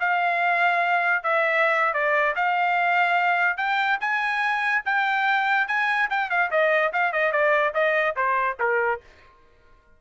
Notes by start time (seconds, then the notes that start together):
0.00 F5
1.23 E5
1.94 D5
2.36 F5
3.57 G5
4.01 G#5
4.85 G5
5.68 G#5
6.10 G5
6.30 F5
6.51 D#5
6.93 F5
7.12 D#5
7.32 D5
7.74 D#5
8.16 C5
8.60 A#4